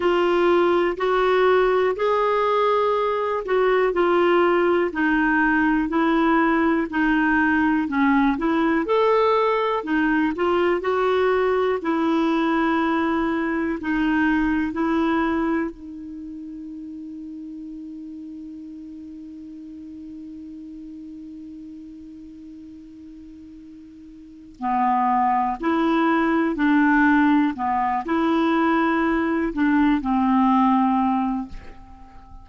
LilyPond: \new Staff \with { instrumentName = "clarinet" } { \time 4/4 \tempo 4 = 61 f'4 fis'4 gis'4. fis'8 | f'4 dis'4 e'4 dis'4 | cis'8 e'8 a'4 dis'8 f'8 fis'4 | e'2 dis'4 e'4 |
dis'1~ | dis'1~ | dis'4 b4 e'4 d'4 | b8 e'4. d'8 c'4. | }